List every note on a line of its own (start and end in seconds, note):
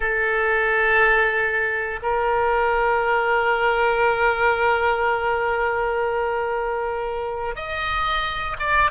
0.00 1.99 A4
2.02 7.55 A#4
7.55 8.56 D#5
8.59 8.91 D5